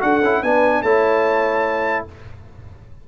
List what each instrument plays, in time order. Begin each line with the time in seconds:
0.00 tuba D4, trombone F#4, horn A4, trumpet F#5
0.22 tuba C#4, trombone E4
0.43 tuba B3, trombone D4, horn B4, trumpet G#5
0.82 tuba A3, trombone E4, horn C#5, trumpet A5